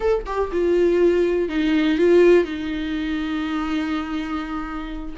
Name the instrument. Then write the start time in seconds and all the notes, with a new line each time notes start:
viola
0.00 A4
0.26 G4
0.52 F4
1.48 D#4
1.97 F4
2.44 D#4